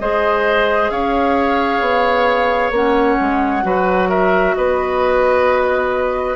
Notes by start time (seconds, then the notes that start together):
0.00 G#3 G#4 C5 D#5
0.91 C#4 C#5 F5
1.81 B3
2.71 A#3 C#4 F#5
3.21 G#3
3.63 F#3 F#4 B4
4.09 A#4 E5
4.55 B3 B4 D#5